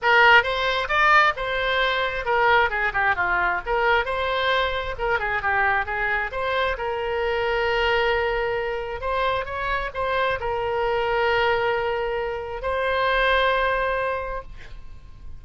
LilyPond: \new Staff \with { instrumentName = "oboe" } { \time 4/4 \tempo 4 = 133 ais'4 c''4 d''4 c''4~ | c''4 ais'4 gis'8 g'8 f'4 | ais'4 c''2 ais'8 gis'8 | g'4 gis'4 c''4 ais'4~ |
ais'1 | c''4 cis''4 c''4 ais'4~ | ais'1 | c''1 | }